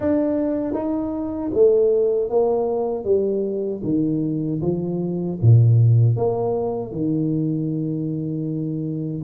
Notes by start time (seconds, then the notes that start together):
0.00 D4
0.73 D#4
1.53 A3
2.29 A#3
3.04 G3
3.83 D#3
4.62 F3
5.41 A#2
6.16 A#3
6.91 D#3